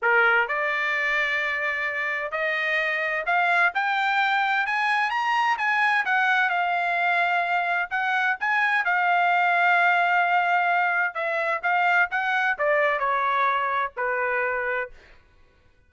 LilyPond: \new Staff \with { instrumentName = "trumpet" } { \time 4/4 \tempo 4 = 129 ais'4 d''2.~ | d''4 dis''2 f''4 | g''2 gis''4 ais''4 | gis''4 fis''4 f''2~ |
f''4 fis''4 gis''4 f''4~ | f''1 | e''4 f''4 fis''4 d''4 | cis''2 b'2 | }